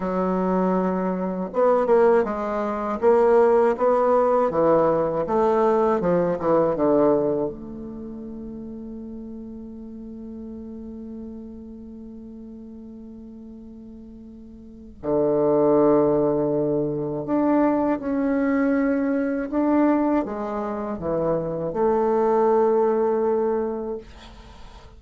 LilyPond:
\new Staff \with { instrumentName = "bassoon" } { \time 4/4 \tempo 4 = 80 fis2 b8 ais8 gis4 | ais4 b4 e4 a4 | f8 e8 d4 a2~ | a1~ |
a1 | d2. d'4 | cis'2 d'4 gis4 | e4 a2. | }